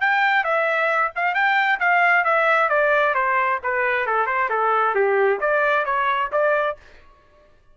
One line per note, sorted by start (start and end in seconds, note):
0.00 0.43 G5
0.43 1.11 E5
1.15 1.34 F5
1.34 1.79 G5
1.79 2.24 F5
2.24 2.69 E5
2.69 3.14 D5
3.14 3.59 C5
3.63 4.06 B4
4.06 4.26 A4
4.26 4.49 C5
4.49 4.94 A4
4.94 5.39 G4
5.40 5.85 D5
5.85 6.30 C#5
6.32 6.77 D5